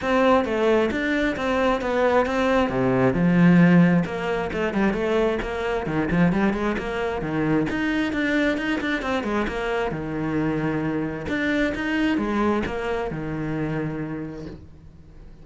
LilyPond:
\new Staff \with { instrumentName = "cello" } { \time 4/4 \tempo 4 = 133 c'4 a4 d'4 c'4 | b4 c'4 c4 f4~ | f4 ais4 a8 g8 a4 | ais4 dis8 f8 g8 gis8 ais4 |
dis4 dis'4 d'4 dis'8 d'8 | c'8 gis8 ais4 dis2~ | dis4 d'4 dis'4 gis4 | ais4 dis2. | }